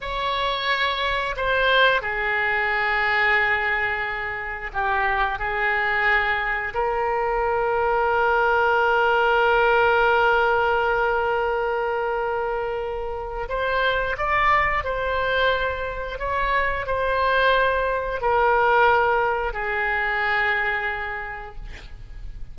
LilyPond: \new Staff \with { instrumentName = "oboe" } { \time 4/4 \tempo 4 = 89 cis''2 c''4 gis'4~ | gis'2. g'4 | gis'2 ais'2~ | ais'1~ |
ais'1 | c''4 d''4 c''2 | cis''4 c''2 ais'4~ | ais'4 gis'2. | }